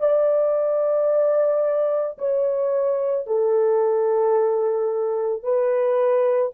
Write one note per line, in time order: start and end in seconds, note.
0.00 2.18 D5
2.18 3.27 C#5
3.27 5.43 A4
5.43 6.53 B4